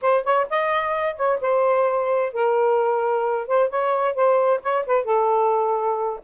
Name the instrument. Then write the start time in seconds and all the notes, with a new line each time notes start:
saxophone
0.01 C5
0.23 C#5
0.50 D#5
1.16 C#5
1.41 C5
2.32 A#4
3.47 C5
3.69 C#5
4.14 C5
4.62 C#5
4.86 B4
5.04 A4